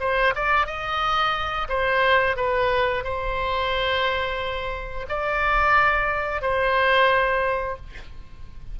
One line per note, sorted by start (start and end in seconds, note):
0.00 0.34 C5
0.35 0.66 D5
0.66 1.67 D#5
1.69 2.36 C5
2.36 3.04 B4
3.04 5.06 C5
5.09 6.41 D5
6.41 7.76 C5